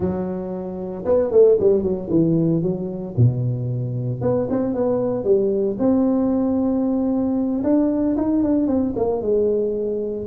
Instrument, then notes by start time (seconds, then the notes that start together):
tuba
0.00 F#3
1.05 B3
1.31 A3
1.60 G3
1.82 F#3
2.09 E3
2.62 F#3
3.17 B2
4.21 B3
4.50 C4
4.74 B3
5.24 G3
5.78 C4
7.63 D4
8.17 D#4
8.43 D4
8.67 C4
8.95 A#3
9.21 G#3